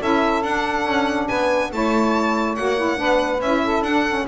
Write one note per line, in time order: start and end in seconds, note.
0.00 0.43 C#4
0.00 0.44 E4
0.00 1.28 A4
0.00 0.43 E5
0.43 0.86 D4
0.43 1.72 D4
0.43 1.28 F#5
0.86 1.29 C#4
1.28 1.73 B3
1.28 1.71 B4
1.28 1.71 G#5
1.72 2.58 A3
1.72 2.57 E4
1.72 2.99 C#5
1.72 2.56 A5
2.56 3.00 A#3
2.56 2.77 F#4
2.56 3.41 F#5
2.77 2.97 E4
2.97 3.41 B3
2.97 3.39 D4
2.97 3.63 B4
3.41 3.82 C#4
3.41 3.86 E4
3.41 3.84 E5
3.64 4.28 A4
3.82 4.24 D4
3.82 4.08 D4
3.82 4.26 F#5
4.09 4.28 C#4